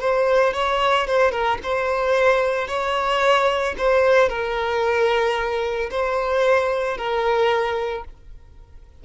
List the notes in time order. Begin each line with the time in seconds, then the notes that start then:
0.00 C5
0.53 C#5
1.07 C5
1.31 A#4
1.63 C5
2.68 C#5
3.78 C5
4.29 A#4
5.91 C5
6.97 A#4